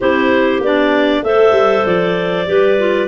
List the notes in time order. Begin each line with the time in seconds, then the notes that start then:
0.00 C4 E4 G4 C5
0.60 B3 D4 D5
1.23 A3 A4 C5 E5
1.51 G3
1.85 F3 D5
2.45 G3 G4 B4
2.78 F4